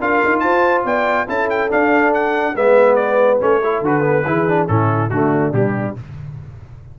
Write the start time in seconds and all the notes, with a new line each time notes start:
0.00 D4 F4 A#4 F5
0.25 D#4
0.40 F4 C5 A5
0.85 B3 D5 G5
1.27 C#4 E4 A4 A5
1.50 G5
1.70 D4 F5
2.14 F#5
2.55 G#3 B3 B4 E5
2.95 D5
3.40 A3 C#4 C#5
3.63 E4 A4
3.81 D3 F#4 B4
4.01 B3
4.25 E3 E4 G#4
4.48 D4
4.68 A2 C#4 E4 A4
5.10 D3 A3 D4 F#4
5.52 B2 G3 G4